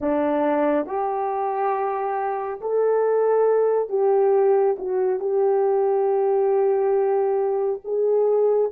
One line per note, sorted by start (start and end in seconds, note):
0.00 0.86 D4
0.86 2.60 G4
2.60 3.89 A4
3.89 4.76 G4
4.78 5.19 F#4
5.19 7.80 G4
7.84 8.71 G#4